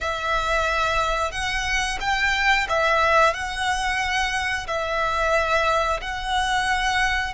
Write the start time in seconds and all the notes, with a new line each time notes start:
0.00 E5
1.31 F#5
2.00 G5
2.68 E5
3.33 F#5
4.67 E5
6.01 F#5